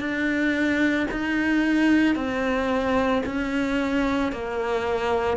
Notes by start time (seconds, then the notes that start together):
0.00 D4
1.11 D#4
2.16 C4
3.26 C#4
4.32 A#3